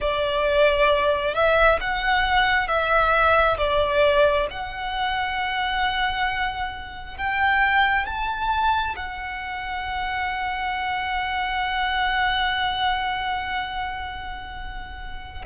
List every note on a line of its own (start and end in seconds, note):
0.00 1.34 D5
1.34 1.79 E5
1.80 2.67 F#5
2.67 3.57 E5
3.57 4.47 D5
4.50 7.16 F#5
7.16 8.05 G5
8.05 8.95 A5
8.96 15.45 F#5